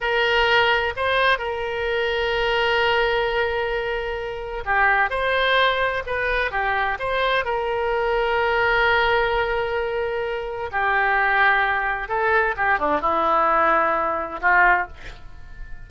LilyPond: \new Staff \with { instrumentName = "oboe" } { \time 4/4 \tempo 4 = 129 ais'2 c''4 ais'4~ | ais'1~ | ais'2 g'4 c''4~ | c''4 b'4 g'4 c''4 |
ais'1~ | ais'2. g'4~ | g'2 a'4 g'8 d'8 | e'2. f'4 | }